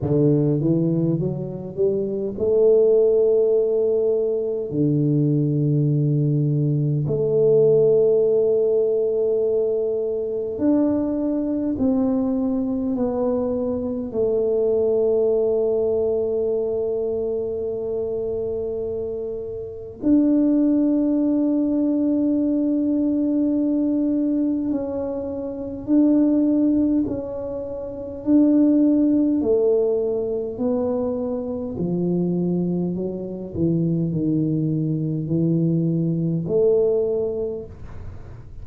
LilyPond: \new Staff \with { instrumentName = "tuba" } { \time 4/4 \tempo 4 = 51 d8 e8 fis8 g8 a2 | d2 a2~ | a4 d'4 c'4 b4 | a1~ |
a4 d'2.~ | d'4 cis'4 d'4 cis'4 | d'4 a4 b4 f4 | fis8 e8 dis4 e4 a4 | }